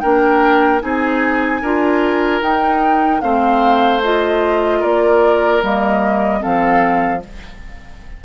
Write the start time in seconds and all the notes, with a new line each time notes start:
0.00 A#3 D4 A#4 G5
0.81 C4 D#4 G#4 G#5
1.62 D4 F4 A#4
2.42 D#4 G5
3.21 A3 C4 C5 F5
4.03 F4 D#5
4.79 A#3 A#4 D5
5.62 G3 A#3 D#5
6.40 F3 C4 A4 F5